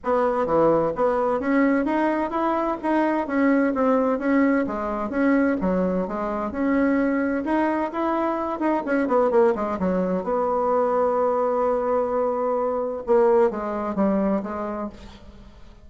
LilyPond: \new Staff \with { instrumentName = "bassoon" } { \time 4/4 \tempo 4 = 129 b4 e4 b4 cis'4 | dis'4 e'4 dis'4 cis'4 | c'4 cis'4 gis4 cis'4 | fis4 gis4 cis'2 |
dis'4 e'4. dis'8 cis'8 b8 | ais8 gis8 fis4 b2~ | b1 | ais4 gis4 g4 gis4 | }